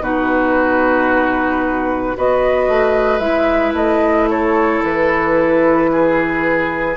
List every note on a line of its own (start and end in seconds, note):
0.00 2.14 B2
0.00 2.15 D#4
0.00 2.16 F#4
0.00 2.17 B4
2.15 2.68 B3
2.15 3.20 F#4
2.15 4.29 B4
2.15 3.18 D#5
2.68 3.19 A3
3.18 3.73 G#3
3.18 6.95 E4
3.18 3.72 E5
3.73 4.80 A3
3.73 4.28 D#5
4.29 5.90 A4
4.29 4.83 C#5
4.83 6.97 E3
4.83 6.97 B4
5.92 6.97 G#4